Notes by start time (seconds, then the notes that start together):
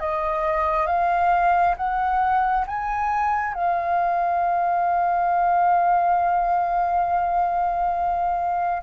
0.00 D#5
0.87 F5
1.77 F#5
2.67 G#5
3.54 F5